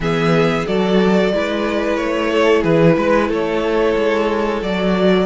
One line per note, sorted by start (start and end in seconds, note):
0.00 0.65 E3
0.00 0.66 B3
0.00 0.66 G#4
0.00 0.66 E5
0.66 1.32 F#3
0.66 1.32 F#4
0.66 1.32 A4
0.66 1.96 D5
1.32 1.98 G#3
1.32 4.62 E4
1.32 2.30 B4
1.96 2.64 A3
1.96 2.62 C#5
2.30 2.62 A4
2.62 2.96 E3
2.62 2.95 G#4
2.62 3.29 B4
2.96 3.29 G#3
2.96 3.28 B4
3.28 3.95 A3
3.28 5.25 A4
3.28 4.63 C#5
3.96 4.62 G#3
4.62 5.25 F#3
4.62 5.25 F#4
4.62 5.25 D5